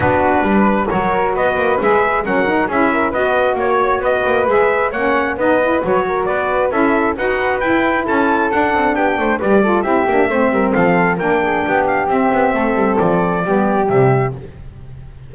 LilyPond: <<
  \new Staff \with { instrumentName = "trumpet" } { \time 4/4 \tempo 4 = 134 b'2 cis''4 dis''4 | e''4 fis''4 e''4 dis''4 | cis''4 dis''4 e''4 fis''4 | dis''4 cis''4 d''4 e''4 |
fis''4 g''4 a''4 fis''4 | g''4 d''4 e''2 | f''4 g''4. f''8 e''4~ | e''4 d''2 e''4 | }
  \new Staff \with { instrumentName = "flute" } { \time 4/4 fis'4 b'4 ais'4 b'4~ | b'4 ais'4 gis'8 ais'8 b'4 | cis''4 b'2 cis''4 | b'4. ais'8 b'4 a'4 |
b'2 a'2 | g'8 c''8 b'8 a'8 g'4 c''8 ais'8 | a'4 ais'8 gis'8 g'2 | a'2 g'2 | }
  \new Staff \with { instrumentName = "saxophone" } { \time 4/4 d'2 fis'2 | gis'4 cis'8 dis'8 e'4 fis'4~ | fis'2 gis'4 cis'4 | dis'8 e'8 fis'2 e'4 |
fis'4 e'2 d'4~ | d'4 g'8 f'8 e'8 d'8 c'4~ | c'4 d'2 c'4~ | c'2 b4 g4 | }
  \new Staff \with { instrumentName = "double bass" } { \time 4/4 b4 g4 fis4 b8 ais8 | gis4 fis4 cis'4 b4 | ais4 b8 ais8 gis4 ais4 | b4 fis4 b4 cis'4 |
dis'4 e'4 cis'4 d'8 c'8 | b8 a8 g4 c'8 ais8 a8 g8 | f4 ais4 b4 c'8 b8 | a8 g8 f4 g4 c4 | }
>>